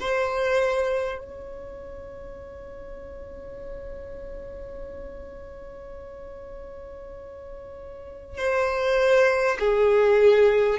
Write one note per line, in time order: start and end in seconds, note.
0.00 1.18 C5
1.18 8.37 C#5
8.37 9.57 C5
9.59 10.78 G#4